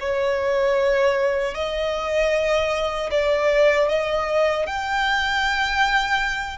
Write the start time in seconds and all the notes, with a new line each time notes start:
0.00 C#5
1.54 D#5
3.11 D5
3.89 D#5
4.66 G5